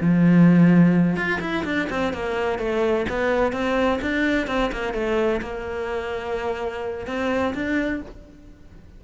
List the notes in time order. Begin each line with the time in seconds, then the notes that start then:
0.00 F3
1.16 F4
1.40 E4
1.64 D4
1.89 C4
2.13 A#3
2.58 A3
3.09 B3
3.52 C4
4.01 D4
4.47 C4
4.72 A#3
4.93 A3
5.41 A#3
7.06 C4
7.54 D4